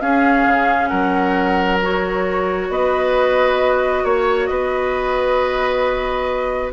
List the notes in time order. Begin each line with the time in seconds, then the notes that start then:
0.00 C#4 G#4 F5
0.46 C#3
0.88 F#3 A#4 F#5
1.81 F#4 C#5
2.69 B3 B4 D#5
4.04 A#3 C#5
4.46 B3 B4 D#5